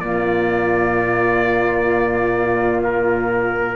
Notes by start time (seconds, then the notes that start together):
0.00 A#2 A#3 F4 D5
2.84 A#4